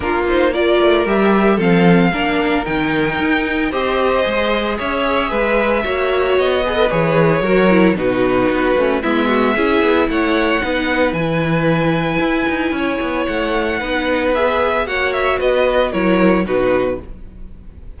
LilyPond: <<
  \new Staff \with { instrumentName = "violin" } { \time 4/4 \tempo 4 = 113 ais'8 c''8 d''4 e''4 f''4~ | f''4 g''2 dis''4~ | dis''4 e''2. | dis''4 cis''2 b'4~ |
b'4 e''2 fis''4~ | fis''4 gis''2.~ | gis''4 fis''2 e''4 | fis''8 e''8 dis''4 cis''4 b'4 | }
  \new Staff \with { instrumentName = "violin" } { \time 4/4 f'4 ais'2 a'4 | ais'2. c''4~ | c''4 cis''4 b'4 cis''4~ | cis''8 b'4. ais'4 fis'4~ |
fis'4 e'8 fis'8 gis'4 cis''4 | b'1 | cis''2 b'2 | cis''4 b'4 ais'4 fis'4 | }
  \new Staff \with { instrumentName = "viola" } { \time 4/4 d'8 dis'8 f'4 g'4 c'4 | d'4 dis'2 g'4 | gis'2. fis'4~ | fis'8 gis'16 a'16 gis'4 fis'8 e'8 dis'4~ |
dis'8 cis'8 b4 e'2 | dis'4 e'2.~ | e'2 dis'4 gis'4 | fis'2 e'4 dis'4 | }
  \new Staff \with { instrumentName = "cello" } { \time 4/4 ais4. a8 g4 f4 | ais4 dis4 dis'4 c'4 | gis4 cis'4 gis4 ais4 | b4 e4 fis4 b,4 |
b8 a8 gis4 cis'8 b8 a4 | b4 e2 e'8 dis'8 | cis'8 b8 a4 b2 | ais4 b4 fis4 b,4 | }
>>